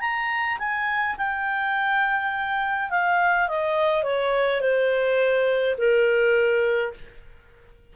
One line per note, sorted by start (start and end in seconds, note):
0.00 0.58 A#5
0.58 1.16 G#5
1.17 2.90 G5
2.90 3.48 F5
3.48 4.03 D#5
4.03 4.60 C#5
4.60 5.76 C5
5.78 6.93 A#4